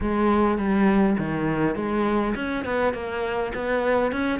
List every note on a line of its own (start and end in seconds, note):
0.01 0.57 G#3
0.57 1.16 G3
1.18 1.75 D#3
1.75 2.34 G#3
2.35 2.64 C#4
2.64 2.93 B3
2.93 3.52 A#3
3.54 4.11 B3
4.11 4.39 C#4